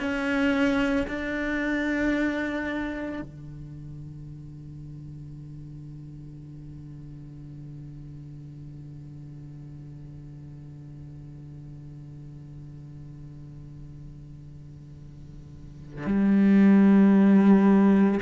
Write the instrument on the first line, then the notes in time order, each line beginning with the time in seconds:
cello
0.00 C#4
1.08 D4
3.22 D3
16.07 G3